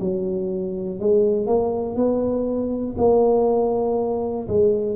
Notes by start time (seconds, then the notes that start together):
0.00 F#3
1.00 G#3
1.47 A#3
1.96 B3
2.98 A#3
4.49 G#3